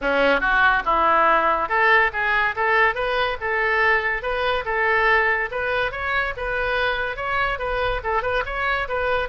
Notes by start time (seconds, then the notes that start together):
0.01 C#4
0.40 F#4
0.85 E4
1.68 A4
2.12 G#4
2.55 A4
2.94 B4
3.40 A4
4.22 B4
4.65 A4
5.51 B4
5.91 C#5
6.36 B4
7.16 C#5
7.58 B4
8.03 A4
8.22 B4
8.45 C#5
8.88 B4